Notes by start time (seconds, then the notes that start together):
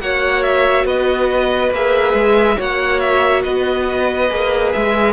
0.00 A#3 F#4 C#5 F#5
0.43 E5
0.85 B3 B4 D#5
1.71 A#3 G#4 E5
2.14 G#3
2.57 A#3 F#4 C#5 F#5
3.00 E5
3.43 B3 B4 D#5
4.30 A#3 G#4
4.73 G#3 E5